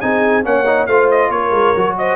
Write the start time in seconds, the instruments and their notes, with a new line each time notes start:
0.00 tuba C4, trombone D#4, horn G#4, trumpet G#5
0.43 tuba A#3, trombone C#4, horn C#5, trumpet F#5
0.66 trombone D#4
0.86 tuba A3, trombone F4, horn C5, trumpet F5
1.11 trumpet D#5
1.29 tuba A#3, horn A#4, trumpet C#5
1.51 tuba G#3
1.76 tuba F#3, trombone F#4
1.98 horn C5, trumpet D#5